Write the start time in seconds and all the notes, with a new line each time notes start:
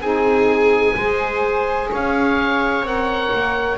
0.00 C4 D#4 G#4 G#5
0.96 G#3 G#4 C5
1.91 C#4 C#5 F5
2.81 C4 A#4 F#5
3.33 A#3